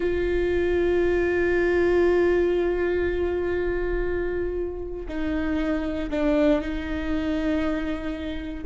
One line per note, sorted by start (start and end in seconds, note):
0.00 5.06 F4
5.08 6.09 D#4
6.10 6.61 D4
6.61 8.64 D#4